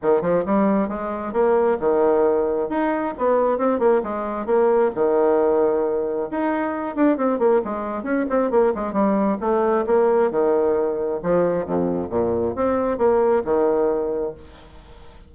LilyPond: \new Staff \with { instrumentName = "bassoon" } { \time 4/4 \tempo 4 = 134 dis8 f8 g4 gis4 ais4 | dis2 dis'4 b4 | c'8 ais8 gis4 ais4 dis4~ | dis2 dis'4. d'8 |
c'8 ais8 gis4 cis'8 c'8 ais8 gis8 | g4 a4 ais4 dis4~ | dis4 f4 f,4 ais,4 | c'4 ais4 dis2 | }